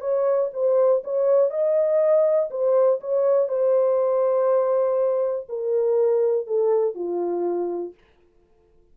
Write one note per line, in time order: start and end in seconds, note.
0.00 0.50 C#5
0.53 1.03 C5
1.04 1.50 C#5
1.50 2.49 D#5
2.50 3.00 C5
3.00 3.48 C#5
3.48 5.47 C5
5.49 6.46 A#4
6.46 6.95 A4
6.95 7.94 F4